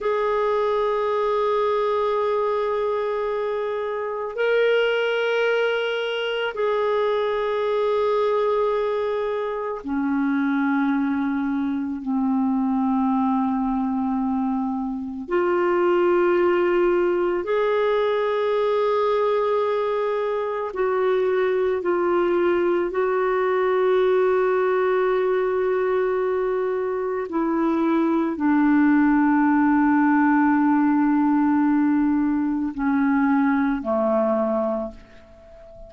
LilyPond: \new Staff \with { instrumentName = "clarinet" } { \time 4/4 \tempo 4 = 55 gis'1 | ais'2 gis'2~ | gis'4 cis'2 c'4~ | c'2 f'2 |
gis'2. fis'4 | f'4 fis'2.~ | fis'4 e'4 d'2~ | d'2 cis'4 a4 | }